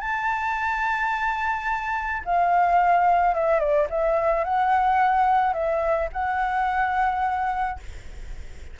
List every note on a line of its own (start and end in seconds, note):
0.00 2.22 A5
2.25 3.34 F5
3.34 3.59 E5
3.59 3.87 D5
3.90 4.44 E5
4.44 5.54 F#5
5.54 6.09 E5
6.13 7.79 F#5